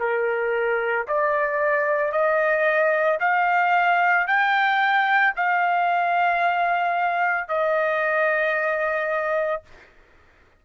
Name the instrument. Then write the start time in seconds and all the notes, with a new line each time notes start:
trumpet
0.00 A#4
1.08 D5
2.12 D#5
3.20 F5
4.28 G5
5.36 F5
7.49 D#5